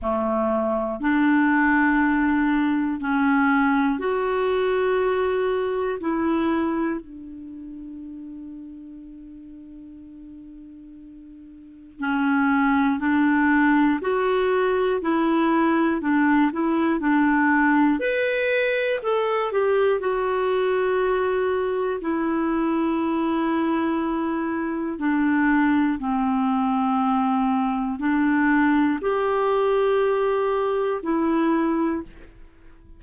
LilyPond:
\new Staff \with { instrumentName = "clarinet" } { \time 4/4 \tempo 4 = 60 a4 d'2 cis'4 | fis'2 e'4 d'4~ | d'1 | cis'4 d'4 fis'4 e'4 |
d'8 e'8 d'4 b'4 a'8 g'8 | fis'2 e'2~ | e'4 d'4 c'2 | d'4 g'2 e'4 | }